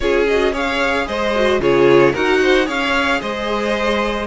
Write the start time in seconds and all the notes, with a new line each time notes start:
0.00 C#4 F4 G#4 C#5
0.27 F#4 D#5
0.52 G#4 C#5 F5
1.07 G#3 C5 D#5
1.35 F#4
1.59 C#3 F4 G#4 C#5
2.12 D#4 F#4 A#4 F#5
2.42 C5
2.65 C#4 G#4 C#5 F5
3.21 G#3 C5 D#5